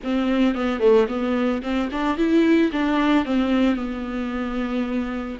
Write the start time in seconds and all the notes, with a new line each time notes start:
0.03 C4
0.54 B3
0.80 A3
1.08 B3
1.62 C4
1.91 D4
2.17 E4
2.71 D4
3.25 C4
3.75 B3